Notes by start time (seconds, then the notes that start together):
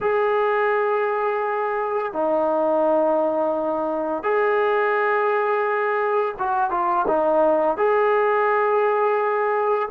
0.00 G#4
2.12 D#4
4.23 G#4
6.39 F#4
6.70 F4
7.07 D#4
7.76 G#4